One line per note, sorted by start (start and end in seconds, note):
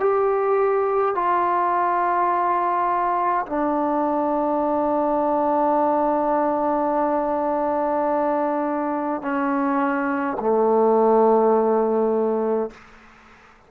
0.00 1.15 G4
1.15 3.46 F4
3.46 9.22 D4
9.22 10.37 C#4
10.40 12.70 A3